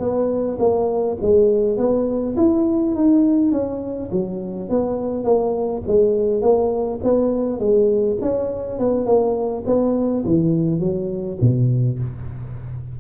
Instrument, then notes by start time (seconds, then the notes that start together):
tuba
0.00 B3
0.59 A#3
1.22 G#3
1.78 B3
2.37 E4
2.95 D#4
3.52 C#4
4.12 F#3
4.70 B3
5.25 A#3
5.88 G#3
6.42 A#3
7.04 B3
7.60 G#3
8.22 C#4
8.79 B3
9.06 A#3
9.66 B3
10.25 E3
10.80 F#3
11.41 B2